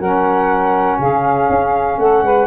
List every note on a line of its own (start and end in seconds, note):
0.00 0.99 F#3
0.00 2.48 C#4
0.00 0.99 A#4
0.00 1.00 F#5
0.99 1.49 C#3
0.99 1.99 G#4
0.99 1.99 F5
1.50 1.99 C#4
1.99 2.23 A3
1.99 2.24 A4
1.99 2.48 F#5
2.23 2.48 G#3
2.23 2.48 B4